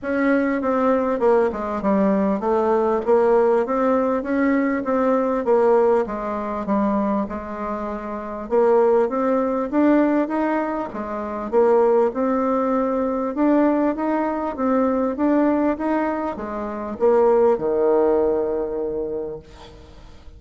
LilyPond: \new Staff \with { instrumentName = "bassoon" } { \time 4/4 \tempo 4 = 99 cis'4 c'4 ais8 gis8 g4 | a4 ais4 c'4 cis'4 | c'4 ais4 gis4 g4 | gis2 ais4 c'4 |
d'4 dis'4 gis4 ais4 | c'2 d'4 dis'4 | c'4 d'4 dis'4 gis4 | ais4 dis2. | }